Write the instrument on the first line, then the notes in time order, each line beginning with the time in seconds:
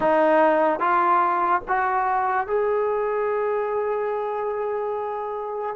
trombone
0.00 D#4
0.79 F4
1.67 F#4
2.47 G#4